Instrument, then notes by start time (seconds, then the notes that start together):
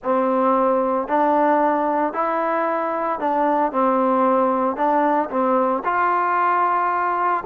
trombone
0.03 C4
1.07 D4
2.13 E4
3.19 D4
3.71 C4
4.76 D4
5.30 C4
5.84 F4